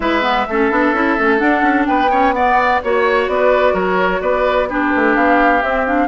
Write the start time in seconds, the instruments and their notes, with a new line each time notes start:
0.00 bassoon G#3, clarinet E4, oboe B4, flute E5
0.22 clarinet B3
0.47 bassoon A3, clarinet C#4, oboe A4
0.70 bassoon B3, clarinet D4
0.92 bassoon C#4, clarinet E4
1.18 bassoon A3, clarinet C#4
1.37 clarinet D4, bassoon D4, flute F#5
1.62 bassoon C#4
1.85 bassoon B3, oboe B4, flute G5
2.11 clarinet C#4, oboe C#5
2.32 clarinet B3, oboe D5, flute F#5
2.82 bassoon A#3, clarinet F#4, flute C#5, oboe C#5
3.27 bassoon B3, oboe B4, flute D5
3.73 bassoon F#3, oboe A#4, flute C#5
4.21 bassoon B3, oboe B4, flute D5
4.69 clarinet D4, oboe G4, flute B4
4.95 bassoon A3
5.15 bassoon B3, flute F5
5.62 clarinet C4, bassoon C4, flute E5
5.86 clarinet D4, flute F5